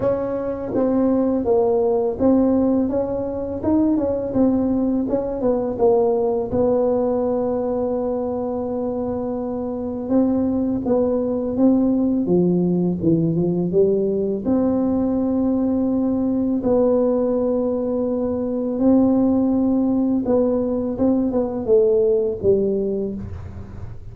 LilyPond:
\new Staff \with { instrumentName = "tuba" } { \time 4/4 \tempo 4 = 83 cis'4 c'4 ais4 c'4 | cis'4 dis'8 cis'8 c'4 cis'8 b8 | ais4 b2.~ | b2 c'4 b4 |
c'4 f4 e8 f8 g4 | c'2. b4~ | b2 c'2 | b4 c'8 b8 a4 g4 | }